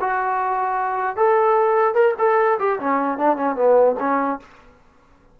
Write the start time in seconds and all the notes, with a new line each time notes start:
0.00 F#4
1.16 A4
1.94 A#4
2.18 A4
2.59 G4
2.79 C#4
3.18 D4
3.36 C#4
3.55 B3
3.99 C#4